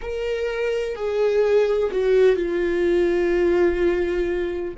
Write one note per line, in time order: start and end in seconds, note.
0.01 0.95 A#4
0.95 1.90 G#4
1.91 2.35 F#4
2.35 4.74 F4